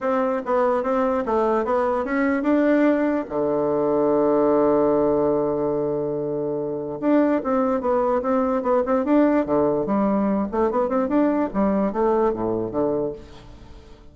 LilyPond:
\new Staff \with { instrumentName = "bassoon" } { \time 4/4 \tempo 4 = 146 c'4 b4 c'4 a4 | b4 cis'4 d'2 | d1~ | d1~ |
d4 d'4 c'4 b4 | c'4 b8 c'8 d'4 d4 | g4. a8 b8 c'8 d'4 | g4 a4 a,4 d4 | }